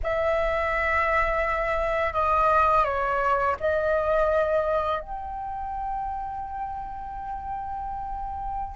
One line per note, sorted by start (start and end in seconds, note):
0.03 2.13 E5
2.13 2.84 D#5
2.84 3.55 C#5
3.60 5.00 D#5
5.00 8.75 G5